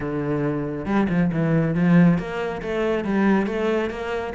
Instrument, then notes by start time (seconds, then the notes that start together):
cello
0.00 D3
0.85 G3
1.09 F3
1.32 E3
1.75 F3
2.18 A#3
2.61 A3
3.04 G3
3.46 A3
3.90 A#3